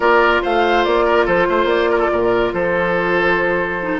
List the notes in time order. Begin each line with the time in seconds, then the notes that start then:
0.00 A#3 F4 A#4 D5
0.42 A3 C5 F5
0.84 A#3 D5
1.05 A#4
1.25 F3 A4 C5
1.49 A3 C5
1.64 A#3 D5
1.90 A#4
1.98 A4
2.12 A#2 A#4
2.53 F3 A4 C5
3.82 D#4